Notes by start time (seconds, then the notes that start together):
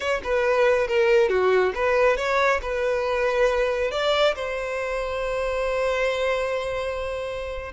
0.00 C#5
0.23 B4
0.87 A#4
1.29 F#4
1.74 B4
2.17 C#5
2.62 B4
3.91 D5
4.35 C5